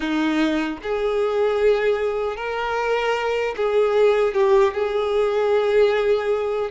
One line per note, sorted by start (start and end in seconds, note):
0.00 0.78 D#4
0.82 2.36 G#4
2.36 3.55 A#4
3.56 4.33 G#4
4.33 4.73 G4
4.73 6.70 G#4